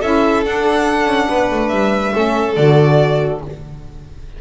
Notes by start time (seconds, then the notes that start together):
0.00 C#4 E4 A4 E5
0.44 D4 F#5
1.06 C#4
1.29 B3 B4
1.51 A3
1.68 G3 E5
2.13 A3 C#4 A4
2.56 D3 F#4 D5